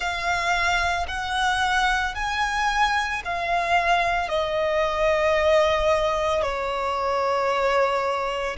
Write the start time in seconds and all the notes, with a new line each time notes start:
0.00 F5
1.07 F#5
2.14 G#5
3.24 F5
4.29 D#5
6.42 C#5